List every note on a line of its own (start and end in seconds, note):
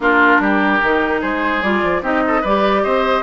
0.00 0.38 A#3
0.00 0.81 D4
0.00 0.41 F4
0.00 1.21 A#4
0.39 0.80 G3
0.39 1.21 G4
0.81 1.22 D#3
0.81 1.62 D#4
1.21 1.62 G#3
1.21 2.02 G#4
1.21 1.62 C5
1.62 1.82 G3
1.62 2.02 F4
1.62 2.02 D5
1.83 2.02 F3
2.02 2.42 C4
2.02 2.43 D#4
2.02 2.22 G4
2.02 2.44 D#5
2.27 2.41 A4
2.41 2.84 G3
2.41 3.22 G4
2.41 2.81 B4
2.41 2.83 D5
2.83 3.22 C4
2.83 3.22 C5
2.83 3.22 D#5